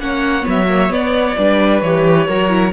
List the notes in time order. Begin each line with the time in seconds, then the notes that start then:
0.00 A#3 C#4 C#5 F#5
0.43 F#3 B3
0.50 E5
0.69 A#3
0.90 B3 D5
1.39 G3 D4 B4
1.81 E3 G4 C#5
2.28 F#3 F#4 A#4
2.50 E4